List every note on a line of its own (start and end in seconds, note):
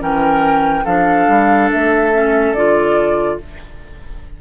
0.00 0.86 E3
0.00 0.85 C#4
0.00 0.85 A#4
0.00 0.86 G5
0.85 1.28 F3
0.85 2.14 D4
0.85 3.38 A4
0.85 1.70 F5
1.28 1.71 G3
1.72 2.54 A3
1.72 2.54 E5
2.14 2.56 C#4
2.54 3.39 D3
2.54 3.41 F4
2.54 3.39 D5